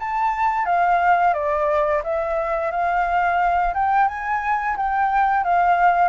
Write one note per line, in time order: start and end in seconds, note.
0.00 0.66 A5
0.66 1.34 F5
1.34 2.02 D5
2.04 2.72 E5
2.72 3.74 F5
3.75 4.08 G5
4.08 4.77 G#5
4.78 5.45 G5
5.45 6.09 F5